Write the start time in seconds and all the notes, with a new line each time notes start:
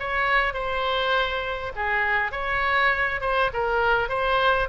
0.00 C#5
0.54 C5
1.76 G#4
2.32 C#5
3.21 C5
3.54 A#4
4.09 C5